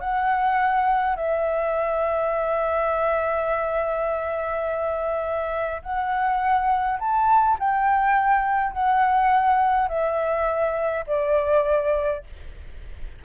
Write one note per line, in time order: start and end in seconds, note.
0.00 1.15 F#5
1.15 5.81 E5
5.82 6.98 F#5
6.99 7.57 A5
7.59 8.72 G5
8.72 9.88 F#5
9.88 11.04 E5
11.07 12.23 D5